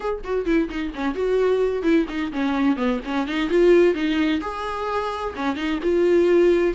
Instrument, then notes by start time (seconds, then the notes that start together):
viola
0.00 G#4
0.23 F#4
0.45 E4
0.69 D#4
0.95 C#4
1.14 F#4
1.83 E4
2.08 D#4
2.32 C#4
2.76 B3
3.04 C#4
3.27 D#4
3.49 F4
3.94 D#4
4.41 G#4
5.35 C#4
5.56 D#4
5.83 F4